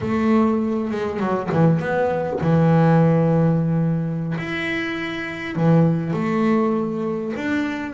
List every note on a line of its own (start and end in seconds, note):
0.00 0.90 A3
0.90 1.19 G#3
1.19 1.49 F#3
1.52 1.79 E3
1.79 2.39 B3
2.41 4.36 E3
4.38 5.55 E4
5.55 6.13 E3
6.13 7.33 A3
7.36 7.93 D4